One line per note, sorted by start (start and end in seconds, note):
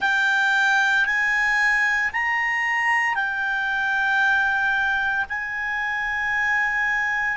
0.00 1.05 G5
1.05 2.11 G#5
2.12 3.14 A#5
3.14 5.25 G5
5.29 7.37 G#5